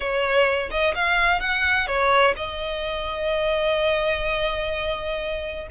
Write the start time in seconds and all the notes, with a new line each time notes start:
0.00 C#5
0.70 D#5
0.94 F5
1.40 F#5
1.87 C#5
2.36 D#5